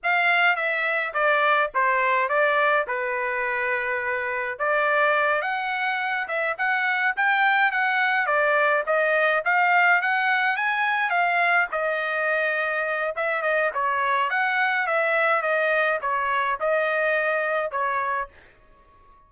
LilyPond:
\new Staff \with { instrumentName = "trumpet" } { \time 4/4 \tempo 4 = 105 f''4 e''4 d''4 c''4 | d''4 b'2. | d''4. fis''4. e''8 fis''8~ | fis''8 g''4 fis''4 d''4 dis''8~ |
dis''8 f''4 fis''4 gis''4 f''8~ | f''8 dis''2~ dis''8 e''8 dis''8 | cis''4 fis''4 e''4 dis''4 | cis''4 dis''2 cis''4 | }